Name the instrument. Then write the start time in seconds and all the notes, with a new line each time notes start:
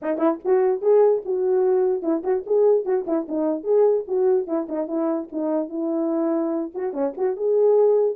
horn
0.02 D#4
0.17 E4
0.44 F#4
0.81 G#4
1.25 F#4
2.02 E4
2.23 F#4
2.46 G#4
2.85 F#4
3.06 E4
3.28 D#4
3.63 G#4
4.07 F#4
4.47 E4
4.68 D#4
4.87 E4
5.32 D#4
5.69 E4
6.74 F#4
6.93 C#4
7.17 F#4
7.36 G#4